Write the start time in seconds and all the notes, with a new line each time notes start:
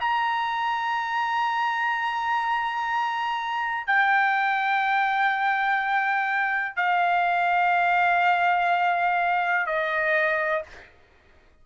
0.00 A#5
3.87 G5
6.76 F5
9.66 D#5